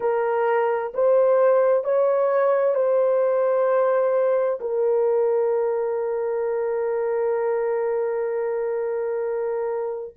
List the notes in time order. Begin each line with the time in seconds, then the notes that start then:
0.00 A#4
0.94 C5
1.84 C#5
2.74 C5
4.60 A#4